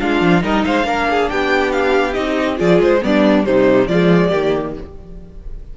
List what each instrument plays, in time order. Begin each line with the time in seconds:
0.00 cello G#3, viola D4, violin F4 F5
0.22 cello F3
0.42 cello G3, viola D#4, violin A#4 D#5
0.65 cello G#3, violin C5 F5
0.83 cello A#3, viola D4, violin A#4
1.11 violin G#4
1.30 cello B3, violin G4 G5
1.72 violin F5
2.14 cello C4, viola D#4, violin D#5
2.57 cello F3, viola F4, violin G#4 D5
2.80 cello G#3, violin C5
3.02 cello G3, viola B3, violin D4 D5
3.44 cello C3, viola G3, violin D#4 C5
3.88 cello F3, viola G#3, violin F4 D5
4.29 cello D#3, viola A#3, violin G4